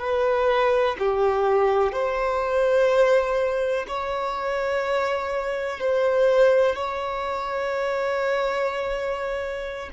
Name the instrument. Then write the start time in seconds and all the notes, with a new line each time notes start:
violin
0.00 B4
0.99 G4
1.93 C5
3.88 C#5
5.80 C5
6.76 C#5